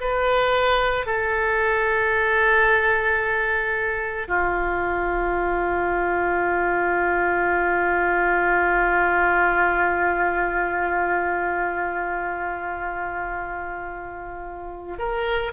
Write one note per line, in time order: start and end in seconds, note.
0.00 1.06 B4
1.06 4.28 A4
4.28 14.99 F4
14.99 15.52 A#4